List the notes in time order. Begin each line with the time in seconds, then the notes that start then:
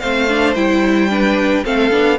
0.00 A3 C4 C5 F5
0.29 D4
0.55 G3 E4 G5
1.10 D4 B4
1.65 A3 C4 A4 F5
1.91 B3 D4